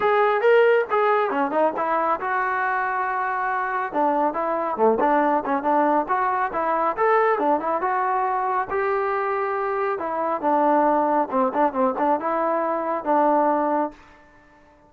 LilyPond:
\new Staff \with { instrumentName = "trombone" } { \time 4/4 \tempo 4 = 138 gis'4 ais'4 gis'4 cis'8 dis'8 | e'4 fis'2.~ | fis'4 d'4 e'4 a8 d'8~ | d'8 cis'8 d'4 fis'4 e'4 |
a'4 d'8 e'8 fis'2 | g'2. e'4 | d'2 c'8 d'8 c'8 d'8 | e'2 d'2 | }